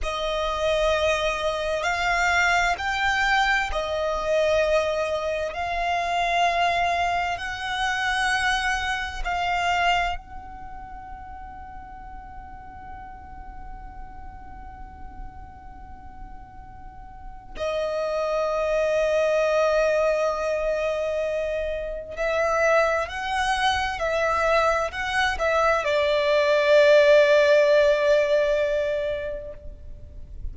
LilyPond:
\new Staff \with { instrumentName = "violin" } { \time 4/4 \tempo 4 = 65 dis''2 f''4 g''4 | dis''2 f''2 | fis''2 f''4 fis''4~ | fis''1~ |
fis''2. dis''4~ | dis''1 | e''4 fis''4 e''4 fis''8 e''8 | d''1 | }